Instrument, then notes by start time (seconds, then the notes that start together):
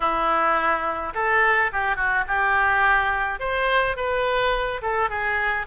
oboe
0.00 E4
1.14 A4
1.72 G4
1.96 F#4
2.27 G4
3.39 C5
3.96 B4
4.81 A4
5.09 G#4